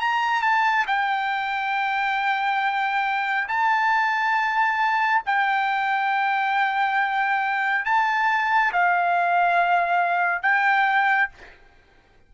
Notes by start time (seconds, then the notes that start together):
0.00 A#5
0.42 A5
0.87 G5
3.48 A5
5.25 G5
7.85 A5
8.72 F5
10.42 G5